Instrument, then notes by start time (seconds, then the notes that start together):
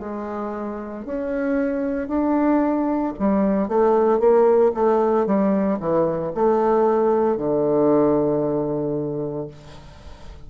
bassoon
0.00 G#3
1.06 C#4
2.08 D4
3.20 G3
3.69 A3
4.20 A#3
4.75 A3
5.27 G3
5.80 E3
6.35 A3
7.37 D3